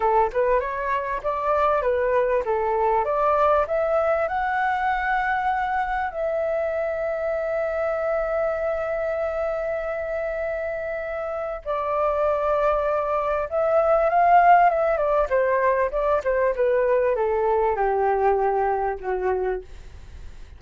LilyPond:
\new Staff \with { instrumentName = "flute" } { \time 4/4 \tempo 4 = 98 a'8 b'8 cis''4 d''4 b'4 | a'4 d''4 e''4 fis''4~ | fis''2 e''2~ | e''1~ |
e''2. d''4~ | d''2 e''4 f''4 | e''8 d''8 c''4 d''8 c''8 b'4 | a'4 g'2 fis'4 | }